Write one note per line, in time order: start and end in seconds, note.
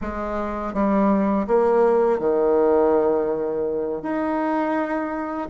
0.01 0.73 G#3
0.73 1.46 G3
1.47 2.19 A#3
2.19 4.02 D#3
4.02 5.48 D#4